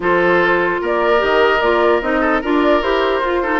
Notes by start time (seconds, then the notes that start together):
0.00 F3 F4 A4 C5
0.81 A#3 A#4 D5
1.18 D#3 G4 D#5
1.61 A#3 F4 D5
2.01 C4 D#4 D#5
2.21 A4
2.41 D4 F4 A#4 D5
2.82 E4 G4 C5
3.20 F4
3.42 D#4 A4